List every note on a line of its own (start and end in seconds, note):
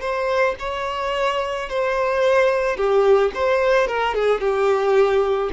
0.00 0.55 C5
0.59 1.69 C#5
1.69 2.76 C5
2.76 3.31 G4
3.34 3.87 C5
3.87 4.14 A#4
4.14 4.40 G#4
4.40 5.50 G4